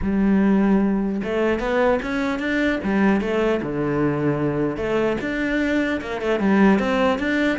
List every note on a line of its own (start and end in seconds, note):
0.01 1.21 G3
1.23 1.59 A3
1.59 1.99 B3
2.02 2.39 C#4
2.39 2.79 D4
2.83 3.21 G3
3.21 3.61 A3
3.62 4.77 D3
4.77 5.17 A3
5.20 6.00 D4
6.01 6.21 A#3
6.21 6.39 A3
6.39 6.79 G3
6.79 7.18 C4
7.18 7.58 D4